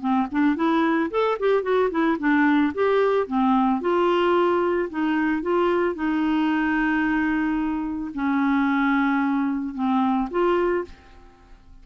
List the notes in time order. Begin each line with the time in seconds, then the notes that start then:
0.00 C4
0.31 D4
0.56 E4
1.11 A4
1.40 G4
1.63 F#4
1.90 E4
2.19 D4
2.74 G4
3.27 C4
3.81 F4
4.90 D#4
5.42 F4
5.95 D#4
8.14 C#4
9.74 C4
10.30 F4